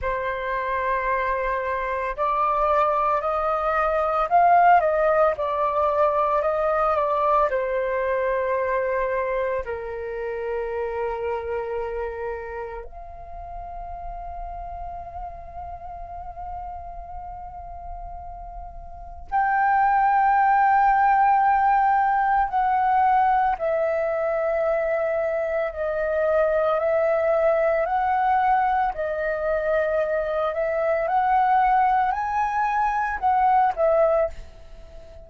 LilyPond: \new Staff \with { instrumentName = "flute" } { \time 4/4 \tempo 4 = 56 c''2 d''4 dis''4 | f''8 dis''8 d''4 dis''8 d''8 c''4~ | c''4 ais'2. | f''1~ |
f''2 g''2~ | g''4 fis''4 e''2 | dis''4 e''4 fis''4 dis''4~ | dis''8 e''8 fis''4 gis''4 fis''8 e''8 | }